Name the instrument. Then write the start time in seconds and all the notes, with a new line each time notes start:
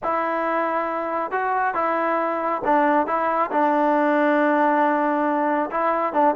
trombone
0.03 E4
1.31 F#4
1.74 E4
2.65 D4
3.06 E4
3.51 D4
5.70 E4
6.13 D4